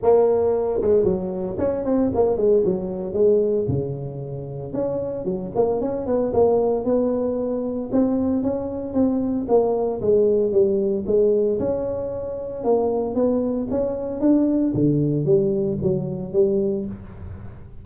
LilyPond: \new Staff \with { instrumentName = "tuba" } { \time 4/4 \tempo 4 = 114 ais4. gis8 fis4 cis'8 c'8 | ais8 gis8 fis4 gis4 cis4~ | cis4 cis'4 fis8 ais8 cis'8 b8 | ais4 b2 c'4 |
cis'4 c'4 ais4 gis4 | g4 gis4 cis'2 | ais4 b4 cis'4 d'4 | d4 g4 fis4 g4 | }